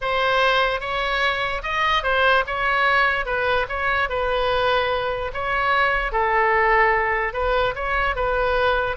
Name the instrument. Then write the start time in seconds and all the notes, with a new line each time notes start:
oboe
0.01 C5
0.80 C#5
1.62 D#5
2.03 C5
2.46 C#5
3.25 B4
3.68 C#5
4.09 B4
5.33 C#5
6.12 A4
7.33 B4
7.75 C#5
8.15 B4